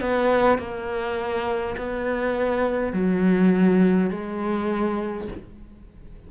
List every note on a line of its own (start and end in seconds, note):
0.00 0.58 B3
0.58 1.76 A#3
1.77 2.93 B3
2.93 4.10 F#3
4.10 5.28 G#3